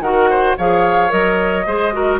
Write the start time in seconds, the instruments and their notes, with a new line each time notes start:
0.00 bassoon D#3, clarinet F#4, oboe A#4, flute F#5
0.30 oboe C5
0.57 bassoon F3, clarinet G#4, oboe C#5, flute F5
1.09 bassoon F#3, clarinet A#4, flute D#5
1.66 bassoon G#3, clarinet G#4, oboe C5
1.93 clarinet F#4, oboe A#4